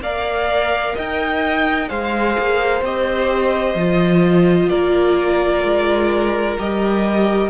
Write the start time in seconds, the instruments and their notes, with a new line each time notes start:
0.00 cello A#3, viola A#4, violin D5 F5
0.95 cello D#4, violin D#5 G5
1.88 cello G#3, viola G#4, violin C5 F5
2.39 cello A#3
2.82 cello C4, viola G4, violin D#5
3.75 cello F3, viola F4
4.70 cello A#3, violin A#4 D5
5.64 cello G#3
6.58 cello G3, viola G4, violin D#5